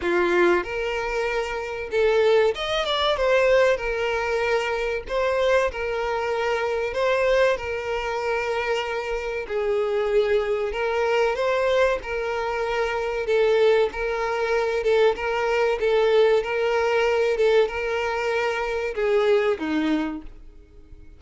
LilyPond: \new Staff \with { instrumentName = "violin" } { \time 4/4 \tempo 4 = 95 f'4 ais'2 a'4 | dis''8 d''8 c''4 ais'2 | c''4 ais'2 c''4 | ais'2. gis'4~ |
gis'4 ais'4 c''4 ais'4~ | ais'4 a'4 ais'4. a'8 | ais'4 a'4 ais'4. a'8 | ais'2 gis'4 dis'4 | }